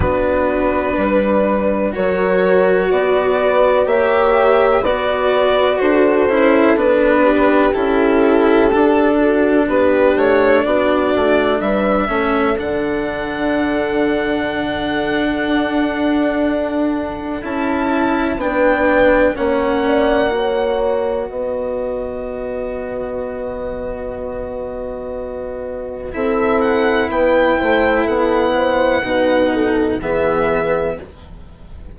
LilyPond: <<
  \new Staff \with { instrumentName = "violin" } { \time 4/4 \tempo 4 = 62 b'2 cis''4 d''4 | e''4 d''4 c''4 b'4 | a'2 b'8 cis''8 d''4 | e''4 fis''2.~ |
fis''2 a''4 g''4 | fis''2 dis''2~ | dis''2. e''8 fis''8 | g''4 fis''2 e''4 | }
  \new Staff \with { instrumentName = "horn" } { \time 4/4 fis'4 b'4 ais'4 b'4 | cis''4 b'4 a'4. g'8~ | g'4. fis'8 g'4 fis'4 | b'8 a'2.~ a'8~ |
a'2. b'4 | cis''8 d''8 cis''4 b'2~ | b'2. a'4 | b'8 c''8 a'8 c''8 b'8 a'8 gis'4 | }
  \new Staff \with { instrumentName = "cello" } { \time 4/4 d'2 fis'2 | g'4 fis'4. e'8 d'4 | e'4 d'2.~ | d'8 cis'8 d'2.~ |
d'2 e'4 d'4 | cis'4 fis'2.~ | fis'2. e'4~ | e'2 dis'4 b4 | }
  \new Staff \with { instrumentName = "bassoon" } { \time 4/4 b4 g4 fis4 b4 | ais4 b4 d'8 cis'8 b4 | cis'4 d'4 b8 a8 b8 a8 | g8 a8 d2. |
d'2 cis'4 b4 | ais2 b2~ | b2. c'4 | b8 a8 b4 b,4 e4 | }
>>